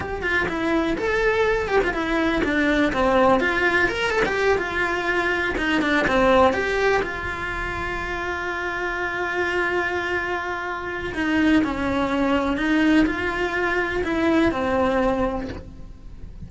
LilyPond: \new Staff \with { instrumentName = "cello" } { \time 4/4 \tempo 4 = 124 g'8 f'8 e'4 a'4. g'16 f'16 | e'4 d'4 c'4 f'4 | ais'8 a'16 g'8. f'2 dis'8 | d'8 c'4 g'4 f'4.~ |
f'1~ | f'2. dis'4 | cis'2 dis'4 f'4~ | f'4 e'4 c'2 | }